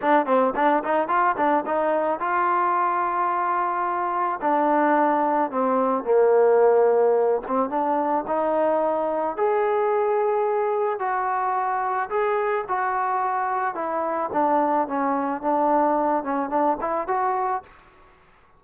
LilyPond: \new Staff \with { instrumentName = "trombone" } { \time 4/4 \tempo 4 = 109 d'8 c'8 d'8 dis'8 f'8 d'8 dis'4 | f'1 | d'2 c'4 ais4~ | ais4. c'8 d'4 dis'4~ |
dis'4 gis'2. | fis'2 gis'4 fis'4~ | fis'4 e'4 d'4 cis'4 | d'4. cis'8 d'8 e'8 fis'4 | }